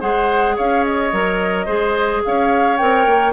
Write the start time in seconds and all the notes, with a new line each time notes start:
0.00 G#3 G#4 C5 F#5
0.56 C#4 C#5 F5
0.84 D#5
1.12 F#3 A#4
1.66 G#3 G#4 C5
2.25 C#4 C#5 F5
2.77 C4 A#4 G5
3.06 A#3